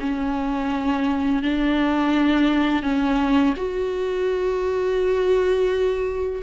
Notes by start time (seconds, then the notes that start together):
0.00 C#4
1.43 D4
2.83 C#4
3.57 F#4